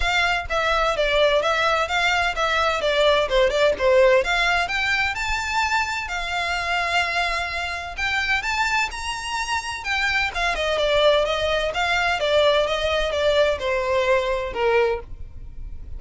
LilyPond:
\new Staff \with { instrumentName = "violin" } { \time 4/4 \tempo 4 = 128 f''4 e''4 d''4 e''4 | f''4 e''4 d''4 c''8 d''8 | c''4 f''4 g''4 a''4~ | a''4 f''2.~ |
f''4 g''4 a''4 ais''4~ | ais''4 g''4 f''8 dis''8 d''4 | dis''4 f''4 d''4 dis''4 | d''4 c''2 ais'4 | }